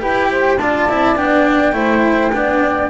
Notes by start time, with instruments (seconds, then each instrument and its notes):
0.00 double bass E4, cello G4, saxophone B4, flute G5
0.31 saxophone C5
0.58 double bass D4, cello F4, saxophone D5, flute A5
0.89 double bass C4, cello E4
1.16 double bass B3, cello D4, flute G5
1.73 double bass A3, cello E4, saxophone C5
2.33 double bass B3, cello D4, saxophone D5